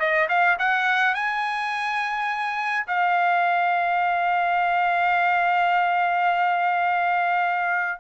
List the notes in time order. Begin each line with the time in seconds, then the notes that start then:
0.00 D#5
0.29 F5
0.59 F#5
1.15 G#5
2.88 F5